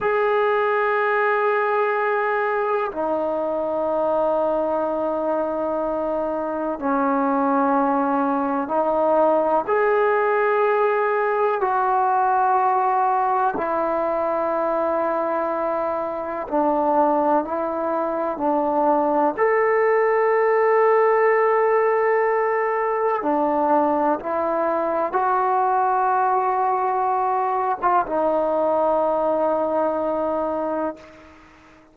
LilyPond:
\new Staff \with { instrumentName = "trombone" } { \time 4/4 \tempo 4 = 62 gis'2. dis'4~ | dis'2. cis'4~ | cis'4 dis'4 gis'2 | fis'2 e'2~ |
e'4 d'4 e'4 d'4 | a'1 | d'4 e'4 fis'2~ | fis'8. f'16 dis'2. | }